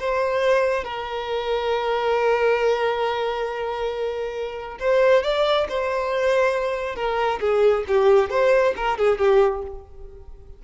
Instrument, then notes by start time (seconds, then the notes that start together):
violin
0.00 C5
0.84 A#4
4.80 C5
5.24 D5
5.69 C5
6.96 A#4
7.41 G#4
7.88 G4
8.31 C5
8.77 A#4
8.98 G#4
9.19 G4